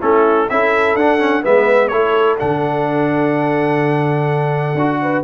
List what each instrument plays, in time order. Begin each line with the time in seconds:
0.00 tuba A3, trombone C#4, horn E4, trumpet A4
0.49 tuba C#4, trombone E4, horn A4, trumpet E5
0.96 tuba D4, trombone D4, trumpet F#5
1.19 trombone C#4
1.43 tuba G#3, trombone B3, horn B4, trumpet E5
1.88 tuba A3, trombone E4, horn A4, trumpet C#5
2.38 tuba D3, trombone D4, trumpet F#5
4.75 tuba D4, trombone F#4
5.02 horn B4